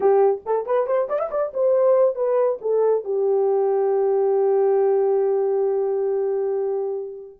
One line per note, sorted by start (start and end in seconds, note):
0.00 0.41 G4
0.45 0.65 A4
0.65 0.86 B4
0.86 1.08 C5
1.09 1.19 D5
1.19 1.30 E5
1.30 1.52 D5
1.53 2.15 C5
2.15 2.58 B4
2.61 3.04 A4
3.04 7.39 G4